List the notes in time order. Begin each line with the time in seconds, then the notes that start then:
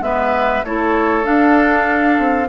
0.00 G#3 B3 B4 E5
0.64 A3 E4 A4 C#5
1.23 D4 F5
2.19 C4